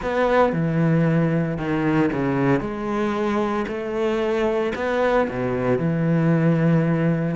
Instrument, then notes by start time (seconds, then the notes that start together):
cello
0.01 B3
0.52 E3
1.57 D#3
2.12 C#3
2.60 G#3
3.67 A3
4.75 B3
5.28 B2
5.78 E3